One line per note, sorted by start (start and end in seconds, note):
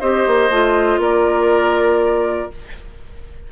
0.00 0.26 C4
0.00 0.51 G4
0.00 1.00 C5
0.00 1.01 D#5
0.26 0.50 A#3
0.50 0.98 A3
0.50 2.51 F4
0.98 2.48 A#3
0.98 2.51 A#4
0.98 2.51 D5